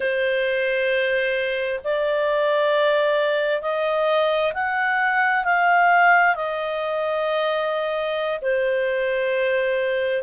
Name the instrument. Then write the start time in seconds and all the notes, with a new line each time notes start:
clarinet
0.00 C5
1.84 D5
3.61 D#5
4.53 F#5
5.44 F5
6.35 D#5
8.41 C5